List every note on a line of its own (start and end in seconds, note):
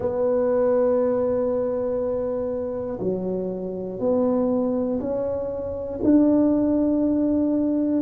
0.00 2.98 B3
3.00 3.99 F#3
3.99 4.99 B3
5.00 6.00 C#4
6.03 8.01 D4